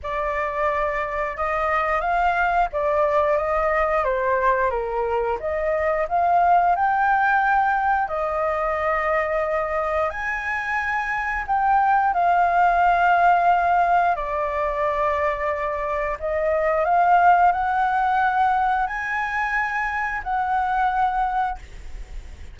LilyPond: \new Staff \with { instrumentName = "flute" } { \time 4/4 \tempo 4 = 89 d''2 dis''4 f''4 | d''4 dis''4 c''4 ais'4 | dis''4 f''4 g''2 | dis''2. gis''4~ |
gis''4 g''4 f''2~ | f''4 d''2. | dis''4 f''4 fis''2 | gis''2 fis''2 | }